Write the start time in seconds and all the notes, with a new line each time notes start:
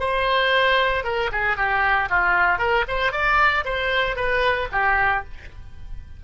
0.00 C5
1.04 A#4
1.32 G#4
1.57 G4
2.10 F4
2.58 A#4
2.88 C5
3.12 D5
3.65 C5
4.16 B4
4.72 G4